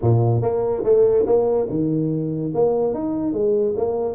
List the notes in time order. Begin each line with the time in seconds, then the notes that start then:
0.01 A#2
0.41 A#3
0.84 A3
1.26 A#3
1.69 D#3
2.54 A#3
2.94 D#4
3.32 G#3
3.76 A#3